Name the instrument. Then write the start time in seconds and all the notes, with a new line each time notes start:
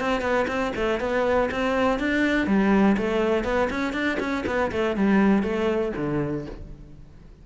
cello
0.00 C4
0.21 B3
0.48 C4
0.76 A3
1.00 B3
1.51 C4
1.99 D4
2.47 G3
2.97 A3
3.44 B3
3.70 C#4
3.94 D4
4.19 C#4
4.47 B3
4.72 A3
4.97 G3
5.43 A3
5.96 D3